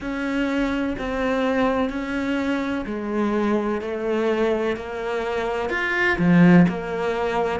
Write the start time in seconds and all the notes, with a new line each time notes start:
0.00 C#4
0.98 C4
1.89 C#4
2.86 G#3
3.81 A3
4.76 A#3
5.69 F4
6.18 F3
6.68 A#3